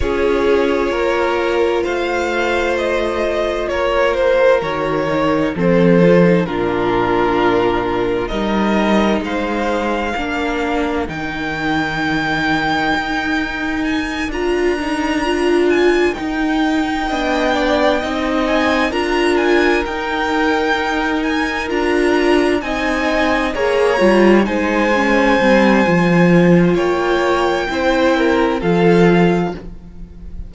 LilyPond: <<
  \new Staff \with { instrumentName = "violin" } { \time 4/4 \tempo 4 = 65 cis''2 f''4 dis''4 | cis''8 c''8 cis''4 c''4 ais'4~ | ais'4 dis''4 f''2 | g''2. gis''8 ais''8~ |
ais''4 gis''8 g''2~ g''8 | gis''8 ais''8 gis''8 g''4. gis''8 ais''8~ | ais''8 gis''4 ais''4 gis''4.~ | gis''4 g''2 f''4 | }
  \new Staff \with { instrumentName = "violin" } { \time 4/4 gis'4 ais'4 c''2 | ais'2 a'4 f'4~ | f'4 ais'4 c''4 ais'4~ | ais'1~ |
ais'2~ ais'8 dis''8 d''8 dis''8~ | dis''8 ais'2.~ ais'8~ | ais'8 dis''4 cis''4 c''4.~ | c''4 cis''4 c''8 ais'8 a'4 | }
  \new Staff \with { instrumentName = "viola" } { \time 4/4 f'1~ | f'4 fis'8 dis'8 c'8 f'16 dis'16 d'4~ | d'4 dis'2 d'4 | dis'2.~ dis'8 f'8 |
dis'8 f'4 dis'4 d'4 dis'8~ | dis'8 f'4 dis'2 f'8~ | f'8 dis'4 gis'8 f'8 dis'8 cis'8 c'8 | f'2 e'4 f'4 | }
  \new Staff \with { instrumentName = "cello" } { \time 4/4 cis'4 ais4 a2 | ais4 dis4 f4 ais,4~ | ais,4 g4 gis4 ais4 | dis2 dis'4. d'8~ |
d'4. dis'4 b4 c'8~ | c'8 d'4 dis'2 d'8~ | d'8 c'4 ais8 g8 gis4 g8 | f4 ais4 c'4 f4 | }
>>